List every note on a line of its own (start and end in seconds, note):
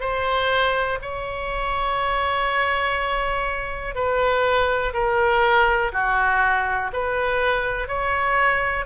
0.00 0.98 C5
1.01 3.95 C#5
3.95 4.93 B4
4.93 5.92 A#4
5.92 6.91 F#4
6.93 7.88 B4
7.88 8.85 C#5